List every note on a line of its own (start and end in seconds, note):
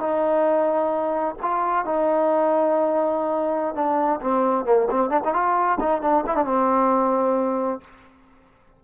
0.00 1.35 D#4
1.42 1.86 F4
1.86 3.75 D#4
3.75 4.20 D4
4.21 4.65 C4
4.65 4.88 A#3
4.90 5.10 C4
5.10 5.21 D4
5.24 5.34 D#4
5.34 5.79 F4
5.80 6.02 D#4
6.02 6.24 D4
6.26 6.36 E4
6.36 6.46 D4
6.46 7.81 C4